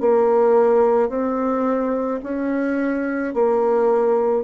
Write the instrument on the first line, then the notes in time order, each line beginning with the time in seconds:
bassoon
0.00 A#3
1.09 C4
2.23 C#4
3.34 A#3